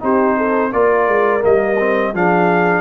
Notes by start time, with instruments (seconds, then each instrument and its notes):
0.00 tuba C4, trombone D#4, horn G4, trumpet C5
0.37 horn A4
0.72 tuba A#3, trombone F4, horn A#4, trumpet D5
1.08 tuba G#3
1.41 tuba G3, trombone A#3, trumpet D#5
1.79 trombone C4
2.13 tuba F3, trombone D4, horn G#4, trumpet F5